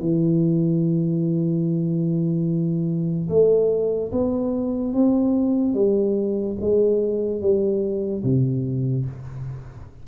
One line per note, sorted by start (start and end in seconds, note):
0.00 3.29 E3
3.29 4.11 A3
4.12 4.94 B3
4.94 5.75 C4
5.75 6.57 G3
6.61 7.41 G#3
7.41 8.23 G3
8.23 9.06 C3